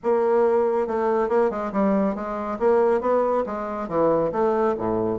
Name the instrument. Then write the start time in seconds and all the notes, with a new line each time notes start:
bassoon
0.03 A#3
0.87 A3
1.28 A#3
1.50 G#3
1.72 G3
2.15 G#3
2.59 A#3
3.01 B3
3.45 G#3
3.88 E3
4.32 A3
4.78 A2